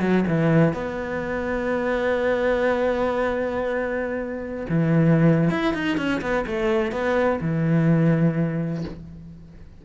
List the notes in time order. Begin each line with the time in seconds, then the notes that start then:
0.00 F#3
0.27 E3
0.73 B3
4.69 E3
5.50 E4
5.73 D#4
5.97 C#4
6.21 B3
6.46 A3
6.91 B3
7.41 E3